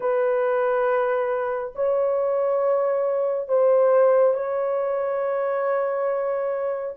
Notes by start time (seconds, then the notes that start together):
0.00 B4
1.75 C#5
3.48 C5
4.34 C#5